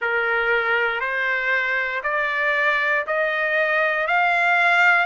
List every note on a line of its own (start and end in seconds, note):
0.00 1.00 A#4
1.00 2.02 C5
2.03 3.05 D5
3.06 4.07 D#5
4.07 5.05 F5